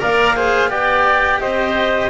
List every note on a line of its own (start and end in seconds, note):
0.00 0.70 A#3
0.00 0.35 A#4
0.00 0.36 D5
0.00 0.71 F5
0.36 0.69 G#4
0.36 0.70 C5
0.69 1.40 B3
0.69 2.10 G4
0.69 1.40 D5
0.69 1.41 G5
1.41 2.10 C4
1.41 2.10 C5
1.41 2.10 D#5